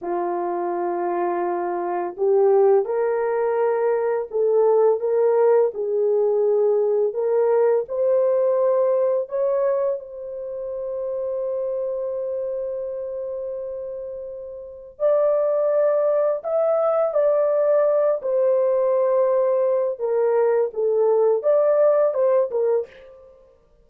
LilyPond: \new Staff \with { instrumentName = "horn" } { \time 4/4 \tempo 4 = 84 f'2. g'4 | ais'2 a'4 ais'4 | gis'2 ais'4 c''4~ | c''4 cis''4 c''2~ |
c''1~ | c''4 d''2 e''4 | d''4. c''2~ c''8 | ais'4 a'4 d''4 c''8 ais'8 | }